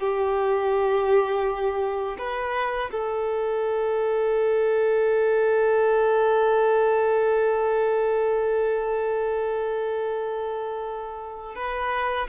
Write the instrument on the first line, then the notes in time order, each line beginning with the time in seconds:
violin
0.00 G4
2.19 B4
2.91 A4
11.56 B4